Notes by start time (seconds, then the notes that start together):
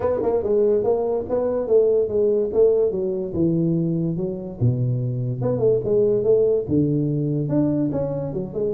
0.00 B3
0.22 A#3
0.43 G#3
0.83 A#3
1.29 B3
1.67 A3
2.08 G#3
2.53 A3
2.91 F#3
3.33 E3
4.17 F#3
4.60 B2
5.41 B3
5.59 A3
5.84 G#3
6.23 A3
6.68 D3
7.48 D4
7.91 C#4
8.33 F#3
8.53 G#3